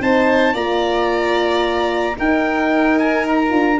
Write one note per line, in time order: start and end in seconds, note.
0.00 0.54 C4
0.00 0.54 D#4
0.00 0.53 C5
0.00 0.56 A5
0.53 2.16 A#3
0.53 2.16 F4
0.53 2.15 D5
0.53 2.18 A#5
2.16 3.49 D#4
2.16 3.53 D#4
2.16 3.79 A#4
2.16 2.99 G5
2.99 3.26 G#5
3.28 3.79 A#5
3.49 3.79 D4
3.49 3.76 F4